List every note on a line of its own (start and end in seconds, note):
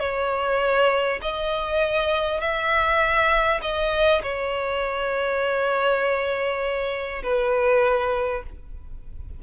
0.00 1.20 C#5
1.22 2.41 D#5
2.41 3.61 E5
3.62 4.22 D#5
4.23 7.23 C#5
7.23 8.43 B4